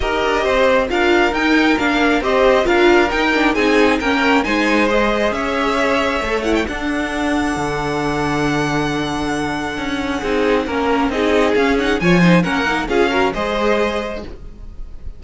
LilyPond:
<<
  \new Staff \with { instrumentName = "violin" } { \time 4/4 \tempo 4 = 135 dis''2 f''4 g''4 | f''4 dis''4 f''4 g''4 | gis''4 g''4 gis''4 dis''4 | e''2~ e''8 fis''16 g''16 fis''4~ |
fis''1~ | fis''1~ | fis''4 dis''4 f''8 fis''8 gis''4 | fis''4 f''4 dis''2 | }
  \new Staff \with { instrumentName = "violin" } { \time 4/4 ais'4 c''4 ais'2~ | ais'4 c''4 ais'2 | gis'4 ais'4 c''2 | cis''2. a'4~ |
a'1~ | a'2. gis'4 | ais'4 gis'2 cis''8 c''8 | ais'4 gis'8 ais'8 c''2 | }
  \new Staff \with { instrumentName = "viola" } { \time 4/4 g'2 f'4 dis'4 | d'4 g'4 f'4 dis'8 d'8 | dis'4 cis'4 dis'4 gis'4~ | gis'2 a'8 e'8 d'4~ |
d'1~ | d'2. dis'4 | cis'4 dis'4 cis'8 dis'8 f'8 dis'8 | cis'8 dis'8 f'8 fis'8 gis'2 | }
  \new Staff \with { instrumentName = "cello" } { \time 4/4 dis'8 d'8 c'4 d'4 dis'4 | ais4 c'4 d'4 dis'4 | c'4 ais4 gis2 | cis'2 a4 d'4~ |
d'4 d2.~ | d2 cis'4 c'4 | ais4 c'4 cis'4 f4 | ais4 cis'4 gis2 | }
>>